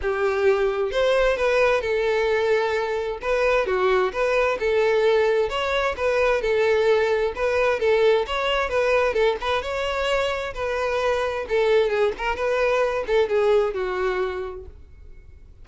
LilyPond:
\new Staff \with { instrumentName = "violin" } { \time 4/4 \tempo 4 = 131 g'2 c''4 b'4 | a'2. b'4 | fis'4 b'4 a'2 | cis''4 b'4 a'2 |
b'4 a'4 cis''4 b'4 | a'8 b'8 cis''2 b'4~ | b'4 a'4 gis'8 ais'8 b'4~ | b'8 a'8 gis'4 fis'2 | }